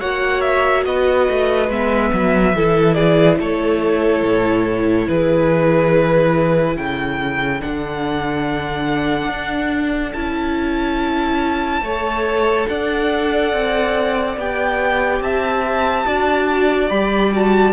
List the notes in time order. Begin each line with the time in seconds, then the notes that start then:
0.00 A#3 F#4 C#5 F#5
0.41 E5
0.86 B3 B4 D#5
1.30 A3
1.70 G#3 B3 E5
2.13 F#3
2.55 E3 E4 A4
2.95 G#4 D5
3.39 A3 A4 C#5
4.23 A2
5.09 E3 G#4 B4
6.77 C#3 A4 G5
7.59 D3 D4 F#5
9.29 D4
10.13 C#4 E4 A5
11.82 A3 A4 C#5
12.69 D4 D5 F#5
13.53 C4
14.37 B3 G4 G5
15.21 C4 E5 A5
16.06 D4 F#4 D5
16.90 G3 G4 B5
17.33 F#4 A5